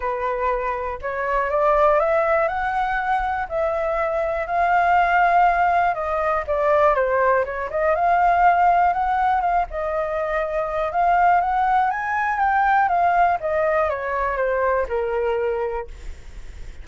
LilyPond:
\new Staff \with { instrumentName = "flute" } { \time 4/4 \tempo 4 = 121 b'2 cis''4 d''4 | e''4 fis''2 e''4~ | e''4 f''2. | dis''4 d''4 c''4 cis''8 dis''8 |
f''2 fis''4 f''8 dis''8~ | dis''2 f''4 fis''4 | gis''4 g''4 f''4 dis''4 | cis''4 c''4 ais'2 | }